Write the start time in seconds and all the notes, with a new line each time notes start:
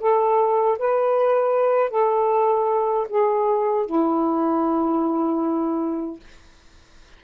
0.00 A4
0.79 B4
1.91 A4
3.10 G#4
3.86 E4